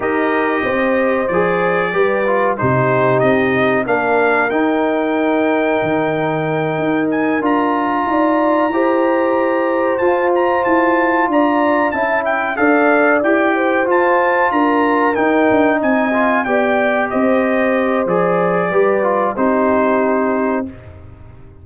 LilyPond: <<
  \new Staff \with { instrumentName = "trumpet" } { \time 4/4 \tempo 4 = 93 dis''2 d''2 | c''4 dis''4 f''4 g''4~ | g''2. gis''8 ais''8~ | ais''2.~ ais''8 a''8 |
ais''8 a''4 ais''4 a''8 g''8 f''8~ | f''8 g''4 a''4 ais''4 g''8~ | g''8 gis''4 g''4 dis''4. | d''2 c''2 | }
  \new Staff \with { instrumentName = "horn" } { \time 4/4 ais'4 c''2 b'4 | g'2 ais'2~ | ais'1~ | ais'8 d''4 c''2~ c''8~ |
c''4. d''4 e''4 d''8~ | d''4 c''4. ais'4.~ | ais'8 dis''4 d''4 c''4.~ | c''4 b'4 g'2 | }
  \new Staff \with { instrumentName = "trombone" } { \time 4/4 g'2 gis'4 g'8 f'8 | dis'2 d'4 dis'4~ | dis'2.~ dis'8 f'8~ | f'4. g'2 f'8~ |
f'2~ f'8 e'4 a'8~ | a'8 g'4 f'2 dis'8~ | dis'4 f'8 g'2~ g'8 | gis'4 g'8 f'8 dis'2 | }
  \new Staff \with { instrumentName = "tuba" } { \time 4/4 dis'4 c'4 f4 g4 | c4 c'4 ais4 dis'4~ | dis'4 dis4. dis'4 d'8~ | d'8 dis'4 e'2 f'8~ |
f'8 e'4 d'4 cis'4 d'8~ | d'8 e'4 f'4 d'4 dis'8 | d'8 c'4 b4 c'4. | f4 g4 c'2 | }
>>